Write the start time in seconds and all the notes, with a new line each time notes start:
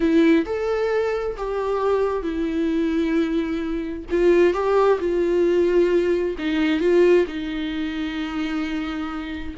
0.00 E4
0.45 A4
1.37 G4
2.22 E4
4.11 F4
4.53 G4
4.99 F4
6.38 D#4
6.80 F4
7.27 D#4